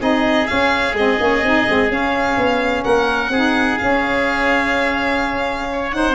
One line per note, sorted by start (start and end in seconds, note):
0.00 0.49 C4
0.00 0.47 D#4
0.00 2.84 G#4
0.00 0.47 D#5
0.47 0.94 C#4
0.47 0.94 F5
0.94 1.17 G#3
0.94 1.20 C4
0.94 1.92 D#5
1.20 1.43 A#3
1.20 1.44 C#4
1.43 1.66 C4
1.43 1.69 D#4
1.69 1.90 G#3
1.69 1.90 C4
1.90 3.31 C#4
1.90 2.37 C#4
1.90 2.84 F5
2.37 2.84 B3
2.84 3.30 A#3
2.84 3.32 A#4
2.84 3.79 F#5
3.30 3.77 C4
3.30 3.80 D#4
3.30 5.68 G#4
3.79 5.92 C#4
3.79 6.16 C#4
3.79 5.91 F5
5.73 5.96 C#5
5.92 6.16 D#4
5.92 6.16 C5
5.92 6.16 F#5